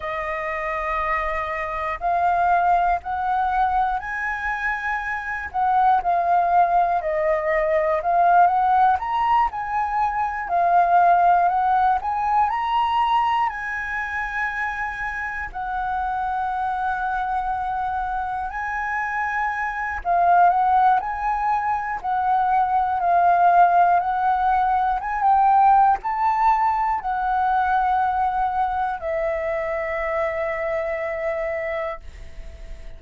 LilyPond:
\new Staff \with { instrumentName = "flute" } { \time 4/4 \tempo 4 = 60 dis''2 f''4 fis''4 | gis''4. fis''8 f''4 dis''4 | f''8 fis''8 ais''8 gis''4 f''4 fis''8 | gis''8 ais''4 gis''2 fis''8~ |
fis''2~ fis''8 gis''4. | f''8 fis''8 gis''4 fis''4 f''4 | fis''4 gis''16 g''8. a''4 fis''4~ | fis''4 e''2. | }